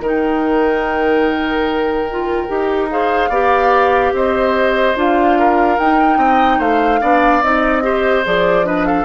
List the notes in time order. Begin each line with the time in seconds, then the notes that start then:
0.00 D#3 D#4 A#4 G5
2.10 F4
2.48 D#4 G4
2.90 G#4 C5 F5
3.29 B3 G4 D5
4.12 C4 C5 D#5
4.96 D4 F4 F5
5.39 A#4
5.78 D#4 G5
6.17 C4 D#5
6.59 A3 C5 F5
7.01 B3 D4 D5
7.42 C4 D#4 D#5
7.82 G4 C5
8.25 F3 G#4 D5
8.64 D4 B4 D#5
8.86 A4 F5